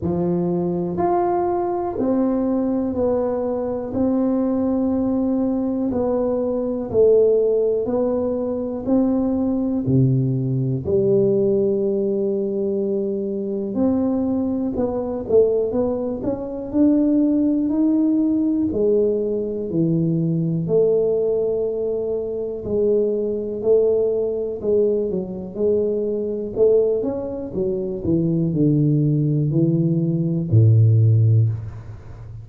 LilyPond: \new Staff \with { instrumentName = "tuba" } { \time 4/4 \tempo 4 = 61 f4 f'4 c'4 b4 | c'2 b4 a4 | b4 c'4 c4 g4~ | g2 c'4 b8 a8 |
b8 cis'8 d'4 dis'4 gis4 | e4 a2 gis4 | a4 gis8 fis8 gis4 a8 cis'8 | fis8 e8 d4 e4 a,4 | }